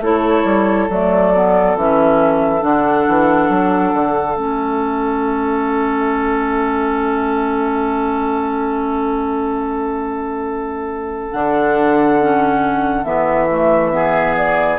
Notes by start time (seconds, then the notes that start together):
0.00 A3 E4 A4 C#5
0.44 G3
0.89 F#3 A3 D5
1.34 B3
1.76 E3 C#4 E5
2.60 D3 D4 F#5
3.08 E3
3.49 F#3
3.94 D3
4.36 A3 C#4 E5
11.31 D3 D4 F#5
12.21 C#4
13.05 E3 B3 E5
13.49 A3
13.92 B3 G#4
14.37 D5